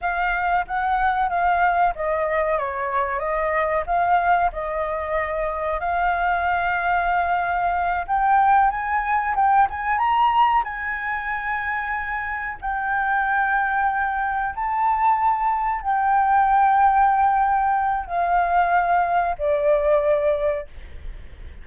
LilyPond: \new Staff \with { instrumentName = "flute" } { \time 4/4 \tempo 4 = 93 f''4 fis''4 f''4 dis''4 | cis''4 dis''4 f''4 dis''4~ | dis''4 f''2.~ | f''8 g''4 gis''4 g''8 gis''8 ais''8~ |
ais''8 gis''2. g''8~ | g''2~ g''8 a''4.~ | a''8 g''2.~ g''8 | f''2 d''2 | }